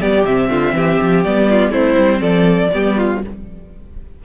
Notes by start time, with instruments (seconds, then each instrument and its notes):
0.00 cello G3, viola B3, violin G4 D5
0.25 cello C3, viola C4, violin E5
0.50 cello D3, violin F4
0.73 cello E3, violin G4
1.01 cello F3
1.24 cello G3, viola B3, violin D5
1.49 violin F4
1.70 cello A3, viola C4, violin E4 C5
1.98 cello G3
2.20 cello F3, violin A4 D5
2.73 cello G3, viola B3, violin G4
2.97 violin F4